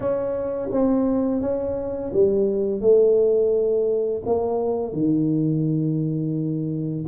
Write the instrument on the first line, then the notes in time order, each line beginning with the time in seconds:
tuba
0.00 C#4
0.71 C4
1.41 C#4
2.13 G3
2.80 A3
4.25 A#3
4.93 D#3